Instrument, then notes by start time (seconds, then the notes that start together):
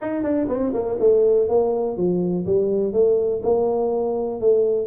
tuba
0.01 D#4
0.23 D4
0.48 C4
0.73 A#3
0.99 A3
1.48 A#3
1.96 F3
2.45 G3
2.92 A3
3.43 A#3
4.40 A3